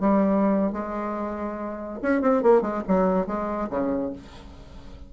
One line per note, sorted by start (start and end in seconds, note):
0.00 0.72 G3
0.72 1.99 G#3
2.02 2.22 C#4
2.22 2.43 C4
2.43 2.62 A#3
2.62 2.83 G#3
2.88 3.27 F#3
3.27 3.69 G#3
3.70 4.13 C#3